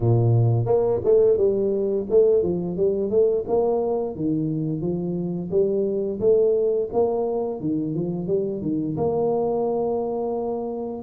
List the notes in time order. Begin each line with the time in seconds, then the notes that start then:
0.00 A#2
0.65 A#3
1.04 A3
1.37 G3
2.09 A3
2.42 F3
2.76 G3
3.09 A3
3.47 A#3
4.15 D#3
4.81 F3
5.50 G3
6.20 A3
6.92 A#3
7.60 D#3
7.94 F3
8.27 G3
8.61 D#3
8.97 A#3